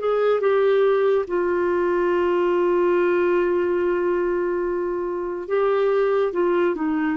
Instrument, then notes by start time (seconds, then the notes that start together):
clarinet
0.00 G#4
0.41 G4
1.28 F4
5.49 G4
6.33 F4
6.76 D#4